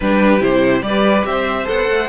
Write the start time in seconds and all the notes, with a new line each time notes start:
0.00 G3 D4 G4 B4
0.40 C3 E4 C5
0.81 G3 G4 B4 D5
1.24 C4 C5 E5
1.64 B3 A4 F#5
1.89 A3